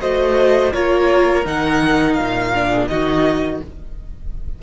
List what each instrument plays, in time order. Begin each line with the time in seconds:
0.00 cello A3, viola F#4, violin C5 D#5
0.73 cello A#3, viola F4, violin A#4 C#5
1.44 cello D#3, viola D#4, violin F#5
2.13 cello A#2, violin F5
2.54 viola D4
2.68 violin G#4
2.88 cello D#3, viola D#4, violin F#4 D#5